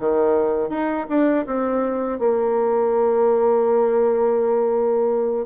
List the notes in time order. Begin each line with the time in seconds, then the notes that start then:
0.00 D#3
0.70 D#4
1.09 D4
1.47 C4
2.20 A#3